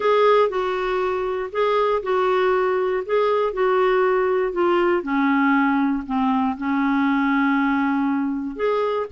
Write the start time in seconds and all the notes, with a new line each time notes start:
0.00 G#4
0.49 F#4
1.52 G#4
2.02 F#4
3.05 G#4
3.53 F#4
4.52 F4
5.03 C#4
6.06 C4
6.57 C#4
8.56 G#4